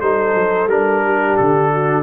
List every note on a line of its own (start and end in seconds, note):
0.00 0.34 G3
0.00 0.69 D#4
0.00 1.03 A4
0.00 0.68 C5
0.34 0.66 F#3
0.66 1.34 G3
0.66 2.02 D4
0.66 1.36 A#4
1.04 1.71 G4
1.36 2.02 D3
1.36 2.02 A4
1.71 2.02 F#4